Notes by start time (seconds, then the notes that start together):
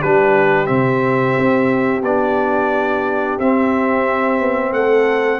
0.00 G3 D4 G4 B4
0.66 C3 C4 E5
1.38 C4
2.02 B3 D4 D5
3.39 C4 E5
4.40 B3
4.72 A3 A4 F#5